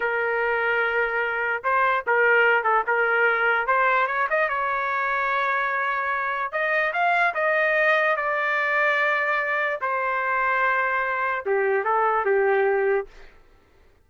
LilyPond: \new Staff \with { instrumentName = "trumpet" } { \time 4/4 \tempo 4 = 147 ais'1 | c''4 ais'4. a'8 ais'4~ | ais'4 c''4 cis''8 dis''8 cis''4~ | cis''1 |
dis''4 f''4 dis''2 | d''1 | c''1 | g'4 a'4 g'2 | }